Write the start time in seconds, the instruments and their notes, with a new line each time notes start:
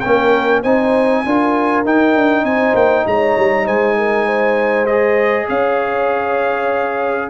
0.00 tuba A#3, trombone C#4, horn A#4, trumpet G5
0.62 tuba C4, trombone D#4, horn C5, trumpet G#5
1.25 tuba D4, trombone F4, horn A#4
1.85 tuba D#4, trombone D#4, trumpet G5
2.16 tuba D4
2.43 tuba C4, horn C5, trumpet G#5
2.74 tuba A#3, trumpet G5
3.06 tuba G#3, horn C#5, trumpet A#5
3.37 tuba G3
3.65 tuba G#3, horn C5, trumpet G#5
3.96 horn A#4
4.25 horn C5
4.86 trombone G#4, trumpet D#5
5.48 tuba C#4, horn C#5, trumpet F5